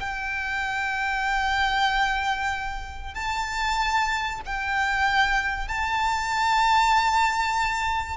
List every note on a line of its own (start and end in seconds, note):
0.00 3.14 G5
3.14 4.40 A5
4.45 5.68 G5
5.68 8.17 A5